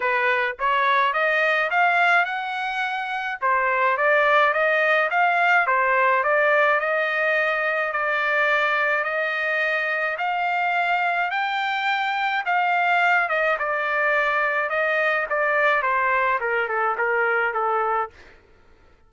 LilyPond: \new Staff \with { instrumentName = "trumpet" } { \time 4/4 \tempo 4 = 106 b'4 cis''4 dis''4 f''4 | fis''2 c''4 d''4 | dis''4 f''4 c''4 d''4 | dis''2 d''2 |
dis''2 f''2 | g''2 f''4. dis''8 | d''2 dis''4 d''4 | c''4 ais'8 a'8 ais'4 a'4 | }